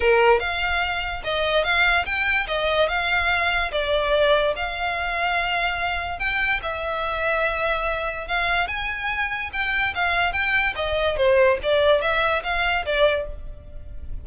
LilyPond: \new Staff \with { instrumentName = "violin" } { \time 4/4 \tempo 4 = 145 ais'4 f''2 dis''4 | f''4 g''4 dis''4 f''4~ | f''4 d''2 f''4~ | f''2. g''4 |
e''1 | f''4 gis''2 g''4 | f''4 g''4 dis''4 c''4 | d''4 e''4 f''4 d''4 | }